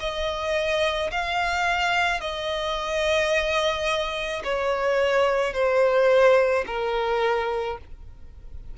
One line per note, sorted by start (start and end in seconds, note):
0.00 1.11 D#5
1.11 2.21 F5
2.21 4.43 D#5
4.44 5.54 C#5
5.54 6.65 C5
6.67 7.78 A#4